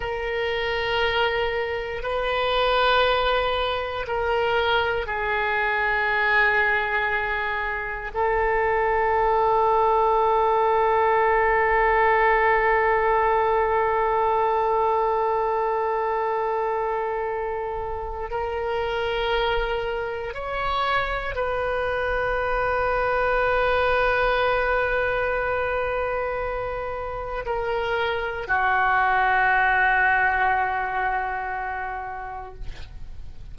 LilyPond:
\new Staff \with { instrumentName = "oboe" } { \time 4/4 \tempo 4 = 59 ais'2 b'2 | ais'4 gis'2. | a'1~ | a'1~ |
a'2 ais'2 | cis''4 b'2.~ | b'2. ais'4 | fis'1 | }